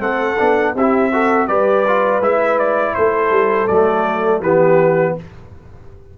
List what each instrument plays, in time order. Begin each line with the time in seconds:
0.00 tuba A3, trombone C4, horn A4, trumpet F#5
0.39 tuba B3, trombone D4
0.76 tuba C4, trombone E4, horn G4, trumpet E5
1.13 trombone F#4, horn A4
1.48 tuba G3, trombone G4, horn B4, trumpet D5
1.88 trombone F4
2.21 tuba G#3, trombone E4, trumpet E5
2.60 trumpet D5
2.95 tuba A3, horn A4, trumpet C5
3.31 tuba G3
3.68 tuba F#3, trombone A3, trumpet D5
4.41 tuba E3, trombone B3, horn G4, trumpet B4